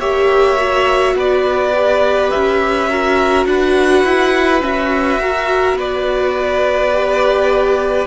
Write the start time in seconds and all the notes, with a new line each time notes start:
0.00 A#3 G4 C#5 E5
0.57 F#4
1.15 B3 B4 D5
1.75 G4
2.31 C#4 E5
2.89 F#4 A#4
3.46 D4 B4 F#5
4.05 E4
4.61 C#4 F#4 E5
5.20 F#4 A#4
5.74 B3 B4 D5
6.93 G4